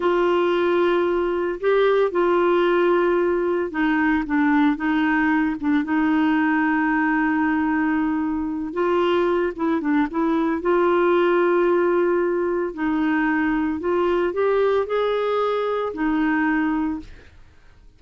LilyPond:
\new Staff \with { instrumentName = "clarinet" } { \time 4/4 \tempo 4 = 113 f'2. g'4 | f'2. dis'4 | d'4 dis'4. d'8 dis'4~ | dis'1~ |
dis'8 f'4. e'8 d'8 e'4 | f'1 | dis'2 f'4 g'4 | gis'2 dis'2 | }